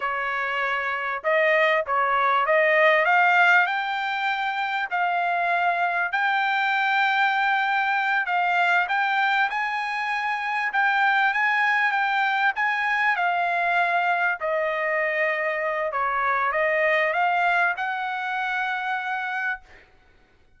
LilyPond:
\new Staff \with { instrumentName = "trumpet" } { \time 4/4 \tempo 4 = 98 cis''2 dis''4 cis''4 | dis''4 f''4 g''2 | f''2 g''2~ | g''4. f''4 g''4 gis''8~ |
gis''4. g''4 gis''4 g''8~ | g''8 gis''4 f''2 dis''8~ | dis''2 cis''4 dis''4 | f''4 fis''2. | }